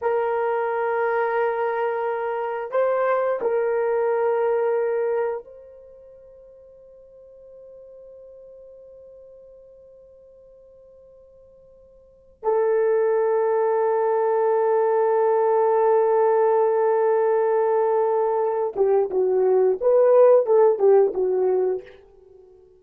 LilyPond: \new Staff \with { instrumentName = "horn" } { \time 4/4 \tempo 4 = 88 ais'1 | c''4 ais'2. | c''1~ | c''1~ |
c''2~ c''16 a'4.~ a'16~ | a'1~ | a'2.~ a'8 g'8 | fis'4 b'4 a'8 g'8 fis'4 | }